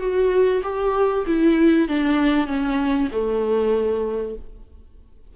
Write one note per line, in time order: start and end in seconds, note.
0.00 0.62 F#4
0.63 1.25 G4
1.26 1.88 E4
1.88 2.47 D4
2.47 3.09 C#4
3.12 4.35 A3